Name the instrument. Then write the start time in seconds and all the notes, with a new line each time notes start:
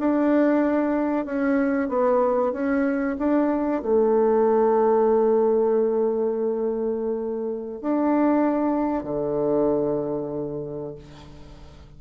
bassoon
0.00 D4
1.26 C#4
1.89 B3
2.53 C#4
3.19 D4
3.83 A3
7.82 D4
9.04 D3